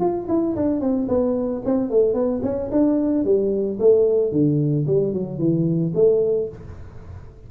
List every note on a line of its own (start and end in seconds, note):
0.00 0.27 F4
0.28 0.55 E4
0.56 0.81 D4
0.81 1.08 C4
1.08 1.62 B3
1.65 1.90 C4
1.90 2.14 A3
2.14 2.41 B3
2.43 2.70 C#4
2.71 3.25 D4
3.25 3.79 G3
3.79 4.32 A3
4.32 4.86 D3
4.87 5.13 G3
5.13 5.38 F#3
5.38 5.92 E3
5.95 6.49 A3